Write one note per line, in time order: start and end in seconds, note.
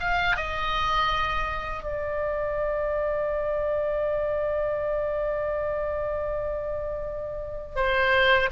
0.00 0.36 F5
0.36 1.83 D#5
1.83 7.76 D5
7.76 8.50 C5